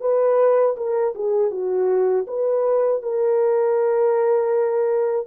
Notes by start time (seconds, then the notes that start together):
0.00 B4
0.76 A#4
1.15 G#4
1.50 F#4
2.27 B4
3.02 A#4